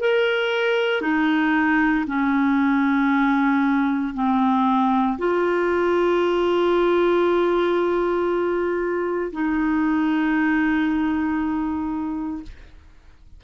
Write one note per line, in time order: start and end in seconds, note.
0.00 1.01 A#4
1.01 2.05 D#4
2.06 4.13 C#4
4.14 5.17 C4
5.18 9.32 F4
9.32 12.42 D#4